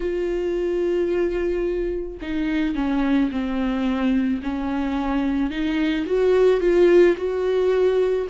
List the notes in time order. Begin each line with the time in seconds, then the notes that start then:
0.00 F4
2.21 D#4
2.75 C#4
3.31 C4
4.42 C#4
5.50 D#4
6.06 F#4
6.60 F4
7.17 F#4